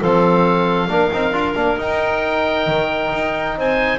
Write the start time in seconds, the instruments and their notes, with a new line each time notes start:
0.00 double bass F3, trombone C4, clarinet A4, oboe F5
0.87 double bass A#3, trombone D4, clarinet A#4
1.12 double bass C4, trombone D#4
1.32 double bass D4, trombone F4
1.55 double bass A#3, trombone D4
1.77 trombone D#4, double bass D#4, oboe G5
2.66 double bass D#3
3.13 double bass D#4
3.57 double bass C4, clarinet C5, oboe G#5